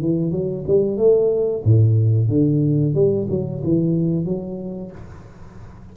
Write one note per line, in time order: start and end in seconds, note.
0.00 0.31 E3
0.31 0.64 F#3
0.67 0.97 G3
0.97 1.63 A3
1.64 2.28 A2
2.28 2.94 D3
2.94 3.27 G3
3.29 3.62 F#3
3.64 4.25 E3
4.25 4.91 F#3